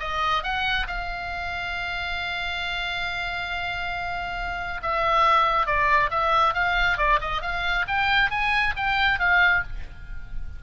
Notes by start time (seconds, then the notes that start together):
0.00 D#5
0.43 F#5
0.87 F5
4.83 E5
5.67 D5
6.11 E5
6.54 F5
6.98 D5
7.21 D#5
7.42 F5
7.88 G5
8.31 G#5
8.77 G5
9.20 F5